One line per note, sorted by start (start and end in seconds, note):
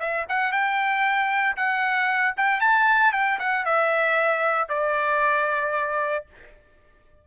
0.00 0.26 E5
0.29 0.52 F#5
0.52 1.57 G5
1.57 2.35 F#5
2.37 2.61 G5
2.61 3.13 A5
3.13 3.39 G5
3.40 3.66 F#5
3.66 4.69 E5
4.69 6.26 D5